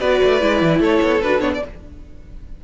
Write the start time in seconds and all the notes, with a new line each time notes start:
0.00 B3 F#4 B4 D5
0.25 A3
0.40 G#3 E4
0.62 E3
0.80 A3 A4 C#5
1.02 B3
1.22 D4 F#4 B4
1.40 B3 D4 C#5
1.54 D5